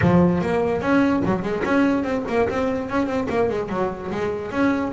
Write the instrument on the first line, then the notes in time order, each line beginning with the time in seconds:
double bass
0.01 F3
0.41 A#3
0.81 C#4
1.25 F#3
1.42 G#3
1.64 C#4
2.03 C4
2.28 A#3
2.49 C4
2.89 C#4
3.06 C4
3.29 A#3
3.49 G#3
3.69 F#3
4.11 G#3
4.51 C#4